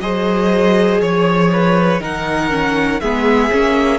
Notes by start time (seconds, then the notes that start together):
0.00 F#3 G#4 C5 D#5
1.00 F3 C#5
1.52 B4
2.00 D#3 D#4 A#4 F#5
2.50 C#4
3.00 G#3 B3 G#4 E5
3.51 A#3 C#4